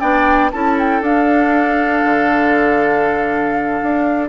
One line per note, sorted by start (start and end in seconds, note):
0.00 0.52 B3
0.00 0.50 D4
0.00 0.51 D5
0.00 0.50 G5
0.51 1.01 C#4
0.51 1.03 E4
0.51 4.29 A4
0.51 0.77 A5
0.79 1.03 G5
1.01 2.02 D4
1.01 4.29 D4
1.01 4.29 F5
2.04 3.80 D3
3.83 4.29 D4